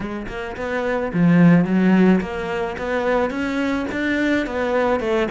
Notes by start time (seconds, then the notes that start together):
0.00 G#3
0.28 A#3
0.56 B3
1.13 F3
1.64 F#3
2.20 A#3
2.78 B3
3.30 C#4
3.91 D4
4.46 B3
5.00 A3